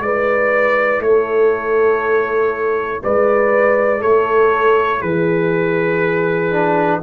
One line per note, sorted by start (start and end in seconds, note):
0.00 1.00 G#3
0.00 6.51 E4
0.00 1.05 B4
0.00 1.02 D5
1.00 3.00 A3
1.00 3.03 A4
1.00 3.02 C#5
3.03 4.04 G#3
3.03 4.00 B4
3.03 4.03 D5
4.00 5.03 A3
4.00 5.00 A4
4.00 5.02 C#5
5.00 7.03 E3
5.00 7.00 G#4
5.00 7.02 B4
6.51 7.01 D4